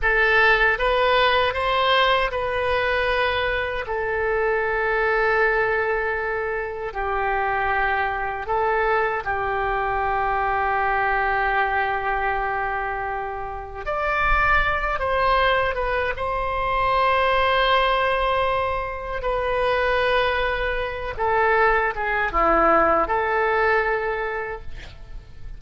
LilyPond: \new Staff \with { instrumentName = "oboe" } { \time 4/4 \tempo 4 = 78 a'4 b'4 c''4 b'4~ | b'4 a'2.~ | a'4 g'2 a'4 | g'1~ |
g'2 d''4. c''8~ | c''8 b'8 c''2.~ | c''4 b'2~ b'8 a'8~ | a'8 gis'8 e'4 a'2 | }